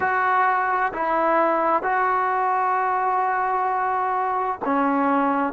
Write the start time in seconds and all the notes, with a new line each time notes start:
0.00 F#4
0.93 E4
1.82 F#4
4.64 C#4